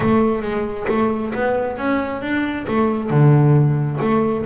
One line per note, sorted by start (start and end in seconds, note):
0.00 0.42 A3
0.42 0.86 G#3
0.88 1.32 A3
1.34 1.77 B3
1.77 2.21 C#4
2.21 2.65 D4
2.67 3.10 A3
3.10 3.99 D3
4.00 4.45 A3